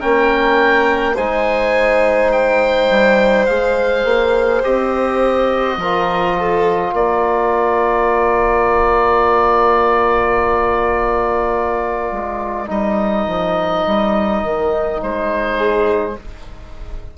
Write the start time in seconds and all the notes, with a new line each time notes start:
0.00 A#3 C#4 A#4 G5
1.15 G#3 D#4 C5 G#5
2.32 G5
2.90 G3
3.46 G#3 G#4 F5
4.04 A#3
4.63 C4 G4 D#5
5.77 F3 F4 A#4
6.37 A4
6.91 A#3 A#4 D5
12.12 G#3
12.67 G3 D#4 D#5
13.27 F3
13.87 G3
14.44 D#3
15.02 G#3 C5
15.58 G#4